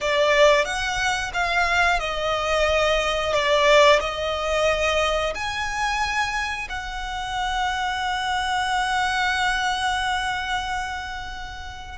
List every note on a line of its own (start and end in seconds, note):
0.00 0.65 D5
0.65 1.31 F#5
1.33 1.99 F5
1.99 3.33 D#5
3.33 3.99 D5
4.00 5.33 D#5
5.34 6.68 G#5
6.68 11.98 F#5